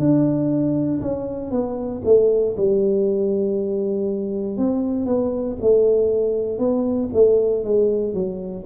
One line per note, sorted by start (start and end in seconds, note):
0.00 1.02 D4
1.02 1.51 C#4
1.51 2.02 B3
2.05 2.56 A3
2.57 4.58 G3
4.58 5.07 C4
5.07 5.57 B3
5.61 6.59 A3
6.59 7.10 B3
7.14 7.65 A3
7.65 8.14 G#3
8.14 8.65 F#3